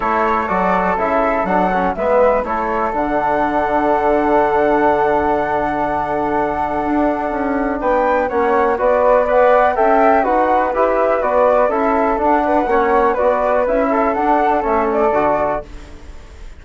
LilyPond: <<
  \new Staff \with { instrumentName = "flute" } { \time 4/4 \tempo 4 = 123 cis''4 d''4 e''4 fis''4 | e''4 cis''4 fis''2~ | fis''1~ | fis''1 |
g''4 fis''4 d''4 fis''4 | g''4 fis''4 e''4 d''4 | e''4 fis''2 d''4 | e''4 fis''4 e''8 d''4. | }
  \new Staff \with { instrumentName = "flute" } { \time 4/4 a'1 | b'4 a'2.~ | a'1~ | a'1 |
b'4 cis''4 b'4 d''4 | e''4 b'2. | a'4. b'8 cis''4 b'4~ | b'8 a'2.~ a'8 | }
  \new Staff \with { instrumentName = "trombone" } { \time 4/4 e'4 fis'4 e'4 d'8 cis'8 | b4 e'4 d'2~ | d'1~ | d'1~ |
d'4 cis'4 fis'4 b'4 | a'4 fis'4 g'4 fis'4 | e'4 d'4 cis'4 fis'4 | e'4 d'4 cis'4 fis'4 | }
  \new Staff \with { instrumentName = "bassoon" } { \time 4/4 a4 fis4 cis4 fis4 | gis4 a4 d2~ | d1~ | d2 d'4 cis'4 |
b4 ais4 b2 | cis'4 dis'4 e'4 b4 | cis'4 d'4 ais4 b4 | cis'4 d'4 a4 d4 | }
>>